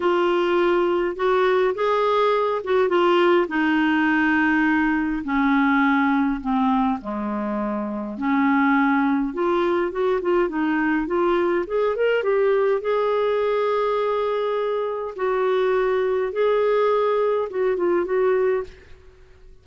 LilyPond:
\new Staff \with { instrumentName = "clarinet" } { \time 4/4 \tempo 4 = 103 f'2 fis'4 gis'4~ | gis'8 fis'8 f'4 dis'2~ | dis'4 cis'2 c'4 | gis2 cis'2 |
f'4 fis'8 f'8 dis'4 f'4 | gis'8 ais'8 g'4 gis'2~ | gis'2 fis'2 | gis'2 fis'8 f'8 fis'4 | }